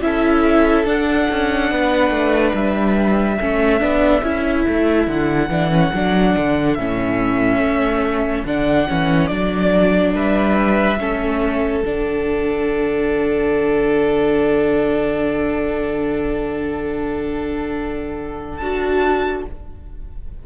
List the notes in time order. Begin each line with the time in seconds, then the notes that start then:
0.00 C#4 E4 A4 E5
0.85 D4 F#5
1.30 C#4
1.71 B3 B4
2.10 A3
2.53 G3 E5
3.39 A3 C#4 A4
3.80 B3 D4
4.22 C#4 E4
4.68 A3
5.07 D3 F#5
5.48 E3 D4
5.71 C#4
5.93 F#3 D4
6.37 D3
6.74 A2 C#4 E5
7.59 A3
8.45 D3 D4 F#5
8.88 E3 C#4
9.27 F#3 D4 D5
10.14 G3 B4 E5
10.98 A3 C#4 A4
11.83 D3 D4 F#5
18.57 D4 F#4 A5